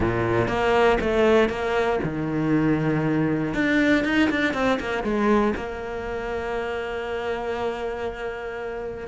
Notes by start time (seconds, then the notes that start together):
0.00 A#2
0.47 A#3
1.00 A3
1.49 A#3
2.03 D#3
3.54 D4
4.04 D#4
4.30 D4
4.53 C4
4.79 A#3
5.03 G#3
5.56 A#3